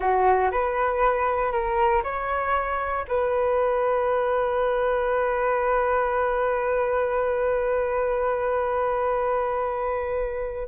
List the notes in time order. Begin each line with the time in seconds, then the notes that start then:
0.00 F#4
0.51 B4
1.52 A#4
2.03 C#5
3.08 B4